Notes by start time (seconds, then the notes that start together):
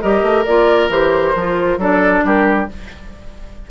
0.00 G3 G4 A#4 D#5
0.22 A3
0.45 A#3 F4 D5
0.88 E3 G4 C5
1.35 F3 F4
1.77 F#3 D4 A4 D5
2.24 G3 G4 A#4